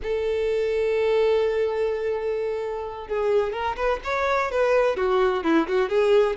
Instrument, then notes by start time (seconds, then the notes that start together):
violin
0.02 A4
3.07 G#4
3.52 A#4
3.76 B4
4.04 C#5
4.51 B4
4.96 F#4
5.43 E4
5.67 F#4
5.89 G#4